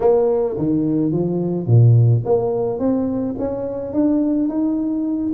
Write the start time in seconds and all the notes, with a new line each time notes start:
0.00 A#3
0.57 D#3
1.12 F3
1.67 A#2
2.25 A#3
2.79 C4
3.38 C#4
3.93 D4
4.49 D#4